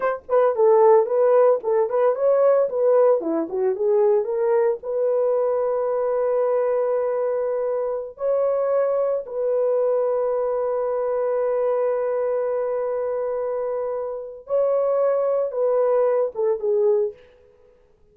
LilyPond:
\new Staff \with { instrumentName = "horn" } { \time 4/4 \tempo 4 = 112 c''8 b'8 a'4 b'4 a'8 b'8 | cis''4 b'4 e'8 fis'8 gis'4 | ais'4 b'2.~ | b'2.~ b'16 cis''8.~ |
cis''4~ cis''16 b'2~ b'8.~ | b'1~ | b'2. cis''4~ | cis''4 b'4. a'8 gis'4 | }